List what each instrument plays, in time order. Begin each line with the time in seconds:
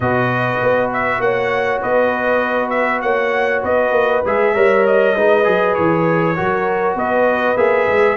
0.00 tuba B2, trombone F#4, horn B4, trumpet D#5
0.62 tuba B3
0.92 trumpet E5
1.19 tuba A#3, horn C#5, trumpet F#5
1.82 tuba B3, horn B4, trumpet D#5
2.69 trumpet E5
3.01 tuba A#3, horn C#5, trumpet F#5
3.62 tuba B3, horn B4, trumpet D#5
3.91 tuba A#3
4.25 tuba G#3, trombone G#4, trumpet E5
4.54 tuba G3, trombone A#4, horn C#5
4.86 trumpet D#5
5.15 tuba G#3, trombone D#4, horn B4
5.44 tuba F#3, trombone G#4
5.74 tuba E3, trumpet C#5
6.36 tuba F#3, trombone F#4, horn A#4
6.95 tuba B3, horn B4, trumpet D#5
7.56 tuba A#3, trombone G#4, trumpet E5
7.87 tuba G#3